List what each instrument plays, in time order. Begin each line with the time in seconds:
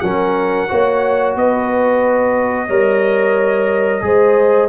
0.00 tuba F#3, trombone C#4, horn A#4, trumpet F#5
0.68 tuba A#3, trombone F#4, horn C#5
1.36 tuba B3, horn B4, trumpet D#5
2.67 tuba G3, trombone A#4, horn C#5
4.01 tuba G#3, trombone G#4, horn C5